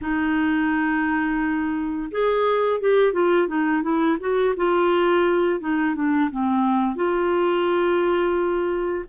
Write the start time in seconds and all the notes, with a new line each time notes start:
0.01 D#4
2.11 G#4
2.80 G4
3.12 F4
3.47 D#4
3.82 E4
4.20 F#4
4.56 F4
5.60 D#4
5.95 D4
6.30 C4
6.95 F4